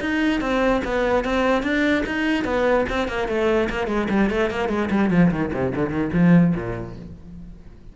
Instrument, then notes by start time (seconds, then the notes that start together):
cello
0.00 D#4
0.40 C4
0.84 B3
1.24 C4
1.63 D4
2.06 D#4
2.44 B3
2.89 C4
3.08 A#3
3.28 A3
3.69 A#3
3.87 G#3
4.09 G3
4.30 A3
4.50 A#3
4.68 G#3
4.90 G3
5.10 F3
5.31 D#3
5.53 C3
5.75 D3
5.90 D#3
6.13 F3
6.55 A#2